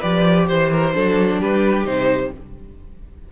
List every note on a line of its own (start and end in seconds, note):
0.00 0.50 F3
0.00 0.94 G4
0.00 0.46 B4
0.00 0.48 D5
0.48 0.95 E3
0.48 1.41 C5
0.48 0.71 C5
0.71 0.94 A#4
0.94 1.41 F#3
0.94 1.85 D4
0.94 1.40 A4
1.40 1.85 G3
1.40 2.32 G4
1.40 1.86 B4
1.85 2.31 C3
1.85 2.31 D#4
1.85 2.32 C5